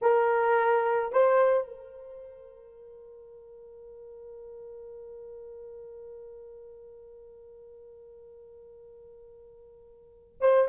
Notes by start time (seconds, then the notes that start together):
0.01 A#4
1.12 C5
1.67 A#4
10.40 C5